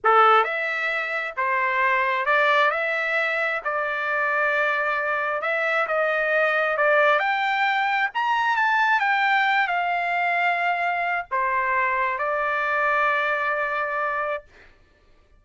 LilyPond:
\new Staff \with { instrumentName = "trumpet" } { \time 4/4 \tempo 4 = 133 a'4 e''2 c''4~ | c''4 d''4 e''2 | d''1 | e''4 dis''2 d''4 |
g''2 ais''4 a''4 | g''4. f''2~ f''8~ | f''4 c''2 d''4~ | d''1 | }